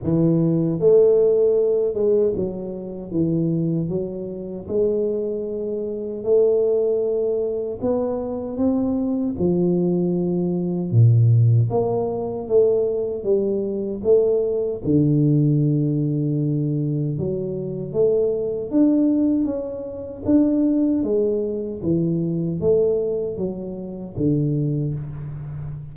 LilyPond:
\new Staff \with { instrumentName = "tuba" } { \time 4/4 \tempo 4 = 77 e4 a4. gis8 fis4 | e4 fis4 gis2 | a2 b4 c'4 | f2 ais,4 ais4 |
a4 g4 a4 d4~ | d2 fis4 a4 | d'4 cis'4 d'4 gis4 | e4 a4 fis4 d4 | }